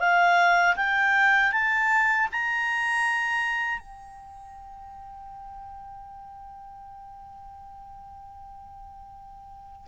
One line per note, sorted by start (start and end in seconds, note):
0.00 0.76 F5
0.76 1.52 G5
1.52 2.28 A5
2.32 3.79 A#5
3.79 9.87 G5